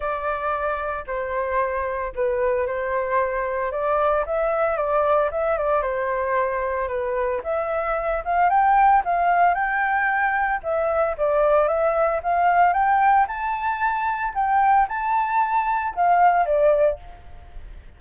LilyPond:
\new Staff \with { instrumentName = "flute" } { \time 4/4 \tempo 4 = 113 d''2 c''2 | b'4 c''2 d''4 | e''4 d''4 e''8 d''8 c''4~ | c''4 b'4 e''4. f''8 |
g''4 f''4 g''2 | e''4 d''4 e''4 f''4 | g''4 a''2 g''4 | a''2 f''4 d''4 | }